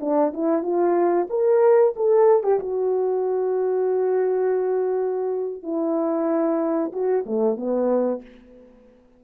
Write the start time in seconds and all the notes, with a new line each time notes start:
0.00 D4
0.33 E4
0.62 F4
1.29 A#4
1.96 A4
2.43 G4
2.59 F#4
5.62 E4
6.92 F#4
7.26 A3
7.57 B3